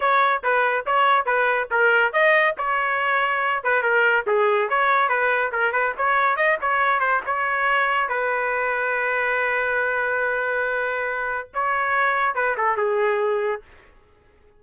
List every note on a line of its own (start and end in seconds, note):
0.00 0.42 C#5
0.43 0.85 B4
0.86 1.25 C#5
1.25 1.68 B4
1.70 2.12 A#4
2.12 2.55 D#5
2.57 3.63 C#5
3.63 3.82 B4
3.82 4.25 A#4
4.26 4.69 G#4
4.69 5.09 C#5
5.09 5.51 B4
5.51 5.72 A#4
5.72 5.93 B4
5.97 6.36 C#5
6.36 6.57 D#5
6.61 6.99 C#5
6.99 7.21 C5
7.26 8.08 C#5
8.08 11.49 B4
11.54 12.34 C#5
12.34 12.56 B4
12.57 12.76 A4
12.76 13.62 G#4